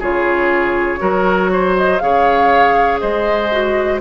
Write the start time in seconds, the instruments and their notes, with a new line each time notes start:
0.00 bassoon C#3, clarinet F4, oboe G#4, flute C#5
0.99 bassoon F#3, clarinet F#4, oboe A#4
1.53 oboe C5
1.77 flute D#5
1.99 bassoon C#3, clarinet G#4, oboe C#5, flute F5
3.00 bassoon G#3, oboe C5, flute D#5
3.52 clarinet F#4